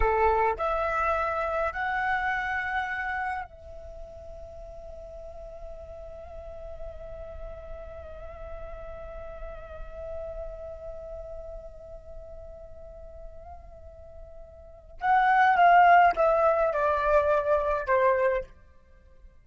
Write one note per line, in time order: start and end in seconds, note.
0.00 0.56 A4
0.57 1.72 E5
1.72 3.44 F#5
3.44 14.98 E5
15.01 15.56 F#5
15.56 16.14 F5
16.15 16.73 E5
16.73 17.87 D5
17.87 18.44 C5